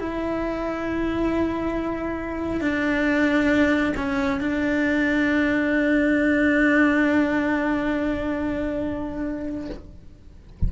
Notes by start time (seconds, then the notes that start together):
0.00 E4
2.61 D4
3.96 C#4
4.40 D4